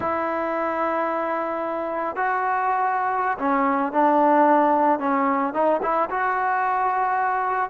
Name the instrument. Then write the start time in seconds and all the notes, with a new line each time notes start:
trombone
0.00 E4
2.16 F#4
3.38 C#4
3.92 D4
4.99 C#4
5.53 D#4
5.82 E4
6.09 F#4